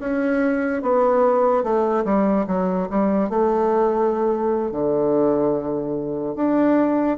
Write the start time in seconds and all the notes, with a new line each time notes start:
0.00 C#4
0.82 B3
1.63 A3
2.05 G3
2.47 F#3
2.90 G3
3.30 A3
4.71 D3
6.35 D4